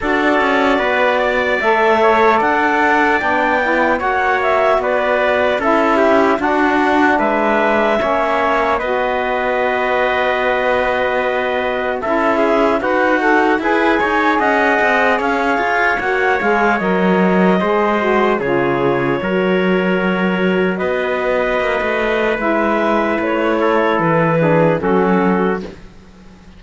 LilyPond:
<<
  \new Staff \with { instrumentName = "clarinet" } { \time 4/4 \tempo 4 = 75 d''2 e''4 fis''4 | g''4 fis''8 e''8 d''4 e''4 | fis''4 e''2 dis''4~ | dis''2. e''4 |
fis''4 gis''4 fis''4 f''4 | fis''8 f''8 dis''2 cis''4~ | cis''2 dis''2 | e''4 cis''4 b'4 a'4 | }
  \new Staff \with { instrumentName = "trumpet" } { \time 4/4 a'4 b'8 d''4 cis''8 d''4~ | d''4 cis''4 b'4 a'8 g'8 | fis'4 b'4 cis''4 b'4~ | b'2. a'8 gis'8 |
fis'4 b'8 cis''8 dis''4 cis''4~ | cis''2 c''4 gis'4 | ais'2 b'2~ | b'4. a'4 gis'8 fis'4 | }
  \new Staff \with { instrumentName = "saxophone" } { \time 4/4 fis'2 a'2 | d'8 e'8 fis'2 e'4 | d'2 cis'4 fis'4~ | fis'2. e'4 |
b'8 a'8 gis'2. | fis'8 gis'8 ais'4 gis'8 fis'8 f'4 | fis'1 | e'2~ e'8 d'8 cis'4 | }
  \new Staff \with { instrumentName = "cello" } { \time 4/4 d'8 cis'8 b4 a4 d'4 | b4 ais4 b4 cis'4 | d'4 gis4 ais4 b4~ | b2. cis'4 |
dis'4 e'8 dis'8 cis'8 c'8 cis'8 f'8 | ais8 gis8 fis4 gis4 cis4 | fis2 b4 ais16 a8. | gis4 a4 e4 fis4 | }
>>